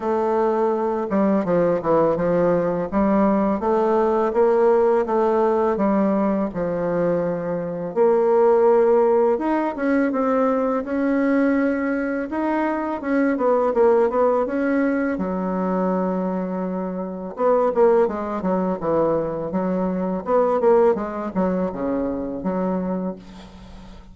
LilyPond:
\new Staff \with { instrumentName = "bassoon" } { \time 4/4 \tempo 4 = 83 a4. g8 f8 e8 f4 | g4 a4 ais4 a4 | g4 f2 ais4~ | ais4 dis'8 cis'8 c'4 cis'4~ |
cis'4 dis'4 cis'8 b8 ais8 b8 | cis'4 fis2. | b8 ais8 gis8 fis8 e4 fis4 | b8 ais8 gis8 fis8 cis4 fis4 | }